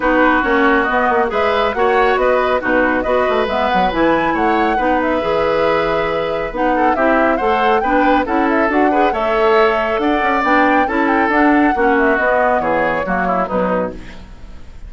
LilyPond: <<
  \new Staff \with { instrumentName = "flute" } { \time 4/4 \tempo 4 = 138 b'4 cis''4 dis''4 e''4 | fis''4 dis''4 b'4 dis''4 | e''8 fis''8 gis''4 fis''4. e''8~ | e''2. fis''4 |
e''4 fis''4 g''4 fis''8 e''8 | fis''4 e''2 fis''4 | g''4 a''8 g''8 fis''4. e''8 | dis''4 cis''2 b'4 | }
  \new Staff \with { instrumentName = "oboe" } { \time 4/4 fis'2. b'4 | cis''4 b'4 fis'4 b'4~ | b'2 cis''4 b'4~ | b'2.~ b'8 a'8 |
g'4 c''4 b'4 a'4~ | a'8 b'8 cis''2 d''4~ | d''4 a'2 fis'4~ | fis'4 gis'4 fis'8 e'8 dis'4 | }
  \new Staff \with { instrumentName = "clarinet" } { \time 4/4 dis'4 cis'4 b4 gis'4 | fis'2 dis'4 fis'4 | b4 e'2 dis'4 | gis'2. dis'4 |
e'4 a'4 d'4 e'4 | fis'8 gis'8 a'2. | d'4 e'4 d'4 cis'4 | b2 ais4 fis4 | }
  \new Staff \with { instrumentName = "bassoon" } { \time 4/4 b4 ais4 b8 ais8 gis4 | ais4 b4 b,4 b8 a8 | gis8 fis8 e4 a4 b4 | e2. b4 |
c'4 a4 b4 cis'4 | d'4 a2 d'8 cis'8 | b4 cis'4 d'4 ais4 | b4 e4 fis4 b,4 | }
>>